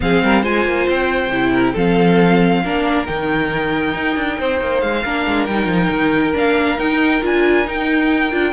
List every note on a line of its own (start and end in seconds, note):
0.00 0.22 F3
0.00 0.42 C4
0.00 0.24 G#4
0.00 0.44 F5
0.22 0.43 G3
0.22 0.41 A#4
0.41 0.65 G#3
0.41 1.30 F4
0.41 1.51 C5
0.41 0.88 G#5
0.65 0.87 A#3
0.88 1.29 C4
0.88 1.77 G5
1.29 1.72 C3
1.29 1.75 E4
1.53 1.73 A#4
1.73 2.63 F3
1.73 2.63 C4
1.73 2.60 A4
1.73 3.06 F5
2.63 3.07 A#3
2.63 3.06 D4
2.63 4.38 A#4
3.06 3.93 D#3
3.06 5.03 D#4
3.06 4.80 G5
3.93 4.15 D#4
4.15 4.37 D4
4.38 4.60 C4
4.38 5.04 C5
4.60 4.82 A#3
4.80 5.04 G#3
4.80 5.45 F5
5.04 5.26 A#3
5.04 5.49 D4
5.04 8.52 A#4
5.26 5.47 G#3
5.45 5.66 G3
5.45 6.33 D#4
5.45 6.33 G5
5.66 5.87 F3
5.90 6.33 D#3
6.33 6.78 A#3
6.33 6.77 D4
6.33 6.79 F5
6.77 7.21 D#4
6.77 7.22 D#4
6.77 7.23 G5
7.22 7.67 D4
7.22 7.64 F4
7.22 7.69 G#5
7.64 8.30 D#4
7.64 8.32 D#4
7.64 8.52 G5
8.31 8.52 D4
8.31 8.52 F4